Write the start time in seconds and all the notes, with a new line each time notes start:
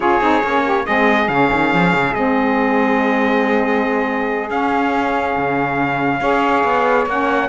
0.00 C#4 F4 G#4 C#5
0.20 C4 D#4
0.42 A#3 C#4
0.63 G4
0.85 G#3 C4 G#4 D#5
1.28 C#3 C#4 F5
1.52 D#3
1.73 F3
1.93 C#3
2.13 G#3 C4 D#5
4.49 C#4 F5
5.36 C#3
6.20 C#4 G#4 C#5
6.63 B3
7.06 A#3 C#4 F#5